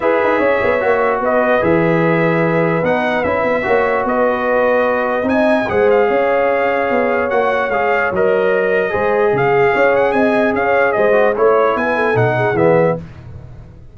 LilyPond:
<<
  \new Staff \with { instrumentName = "trumpet" } { \time 4/4 \tempo 4 = 148 e''2. dis''4 | e''2. fis''4 | e''2 dis''2~ | dis''4 gis''4 fis''8 f''4.~ |
f''2 fis''4 f''4 | dis''2. f''4~ | f''8 fis''8 gis''4 f''4 dis''4 | cis''4 gis''4 fis''4 e''4 | }
  \new Staff \with { instrumentName = "horn" } { \time 4/4 b'4 cis''2 b'4~ | b'1~ | b'4 cis''4 b'2~ | b'4 dis''4 c''4 cis''4~ |
cis''1~ | cis''2 c''4 gis'4 | cis''4 dis''4 cis''4 c''4 | cis''4 b'8 a'4 gis'4. | }
  \new Staff \with { instrumentName = "trombone" } { \time 4/4 gis'2 fis'2 | gis'2. dis'4 | e'4 fis'2.~ | fis'4 dis'4 gis'2~ |
gis'2 fis'4 gis'4 | ais'2 gis'2~ | gis'2.~ gis'8 fis'8 | e'2 dis'4 b4 | }
  \new Staff \with { instrumentName = "tuba" } { \time 4/4 e'8 dis'8 cis'8 b8 ais4 b4 | e2. b4 | cis'8 b8 ais4 b2~ | b4 c'4 gis4 cis'4~ |
cis'4 b4 ais4 gis4 | fis2 gis4 cis4 | cis'4 c'4 cis'4 gis4 | a4 b4 b,4 e4 | }
>>